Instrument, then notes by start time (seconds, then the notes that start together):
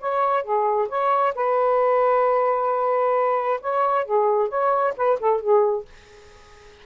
saxophone
0.00 C#5
0.43 G#4
0.88 C#5
1.35 B4
3.61 C#5
4.05 G#4
4.48 C#5
4.96 B4
5.19 A4
5.40 G#4